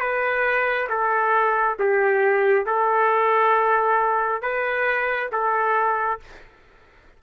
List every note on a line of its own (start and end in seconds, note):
0.00 0.88 B4
0.89 1.78 A4
1.79 2.66 G4
2.66 4.42 A4
4.42 5.30 B4
5.32 6.20 A4